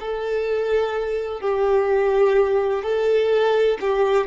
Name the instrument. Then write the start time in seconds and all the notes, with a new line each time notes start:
violin
0.00 A4
1.41 G4
2.83 A4
3.81 G4